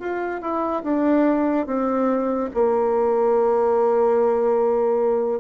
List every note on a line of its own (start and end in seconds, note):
0.00 0.42 F4
0.42 0.83 E4
0.84 1.67 D4
1.67 2.50 C4
2.54 5.40 A#3